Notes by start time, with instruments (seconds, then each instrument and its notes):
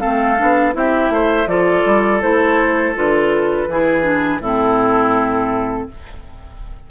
0.00 bassoon A3, clarinet C4, oboe A4, flute F5
0.38 bassoon B3, clarinet D4
0.73 bassoon C4, clarinet E4, oboe G4, flute E5
1.10 bassoon A3, oboe C5
1.47 bassoon F3, clarinet F4, oboe A4, flute D5
1.86 bassoon G3
2.21 bassoon A3, clarinet E4, flute C5
2.95 bassoon D3, clarinet F4, flute B4
3.68 bassoon E3, clarinet E4, oboe G#4
4.03 clarinet D4
4.40 bassoon A2, clarinet C4, oboe E4, flute A4